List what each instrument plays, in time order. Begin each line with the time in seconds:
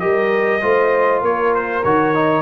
0.00 tuba G3, trombone G4, horn A#4, trumpet D#5
0.62 tuba A3, trombone F4, horn C5
1.22 tuba A#3, horn A#4, trumpet C#5
1.55 trumpet C5
1.84 tuba D#3, trombone F#4, trumpet C#5
2.15 trombone D#4